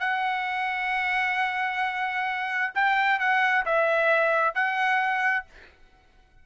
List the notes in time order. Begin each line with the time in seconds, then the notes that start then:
0.00 F#5
2.75 G5
3.20 F#5
3.65 E5
4.55 F#5